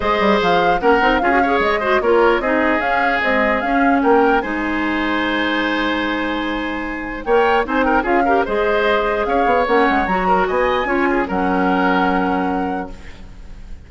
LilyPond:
<<
  \new Staff \with { instrumentName = "flute" } { \time 4/4 \tempo 4 = 149 dis''4 f''4 fis''4 f''4 | dis''4 cis''4 dis''4 f''4 | dis''4 f''4 g''4 gis''4~ | gis''1~ |
gis''2 g''4 gis''8 g''8 | f''4 dis''2 f''4 | fis''4 ais''4 gis''2 | fis''1 | }
  \new Staff \with { instrumentName = "oboe" } { \time 4/4 c''2 ais'4 gis'8 cis''8~ | cis''8 c''8 ais'4 gis'2~ | gis'2 ais'4 c''4~ | c''1~ |
c''2 cis''4 c''8 ais'8 | gis'8 ais'8 c''2 cis''4~ | cis''4. ais'8 dis''4 cis''8 gis'8 | ais'1 | }
  \new Staff \with { instrumentName = "clarinet" } { \time 4/4 gis'2 cis'8 dis'8 f'16 fis'16 gis'8~ | gis'8 fis'8 f'4 dis'4 cis'4 | gis4 cis'2 dis'4~ | dis'1~ |
dis'2 ais'4 dis'4 | f'8 g'8 gis'2. | cis'4 fis'2 f'4 | cis'1 | }
  \new Staff \with { instrumentName = "bassoon" } { \time 4/4 gis8 g8 f4 ais8 c'8 cis'4 | gis4 ais4 c'4 cis'4 | c'4 cis'4 ais4 gis4~ | gis1~ |
gis2 ais4 c'4 | cis'4 gis2 cis'8 b8 | ais8 gis8 fis4 b4 cis'4 | fis1 | }
>>